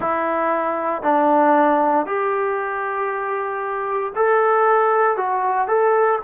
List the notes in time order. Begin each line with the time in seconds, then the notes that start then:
0.00 E4
1.02 D4
2.05 G4
4.15 A4
5.16 F#4
5.67 A4